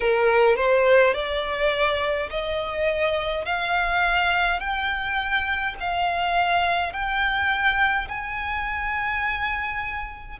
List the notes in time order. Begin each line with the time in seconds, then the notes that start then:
0.00 A#4
0.56 C5
1.14 D5
2.30 D#5
3.45 F5
4.59 G5
5.80 F5
6.92 G5
8.08 G#5